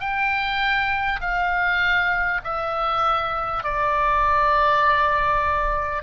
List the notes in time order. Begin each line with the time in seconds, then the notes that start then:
0.00 G5
1.21 F5
2.44 E5
3.63 D5